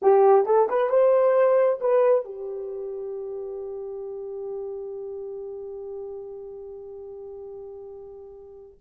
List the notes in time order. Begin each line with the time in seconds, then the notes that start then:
0.01 G4
0.45 A4
0.69 B4
0.89 C5
1.80 B4
2.24 G4